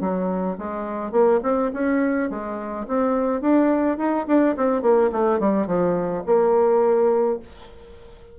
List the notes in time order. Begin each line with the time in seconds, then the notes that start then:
0.00 F#3
0.58 G#3
1.11 A#3
1.43 C4
1.73 C#4
2.30 G#3
2.87 C4
3.41 D4
3.97 D#4
4.27 D4
4.57 C4
4.82 A#3
5.12 A3
5.39 G3
5.67 F3
6.25 A#3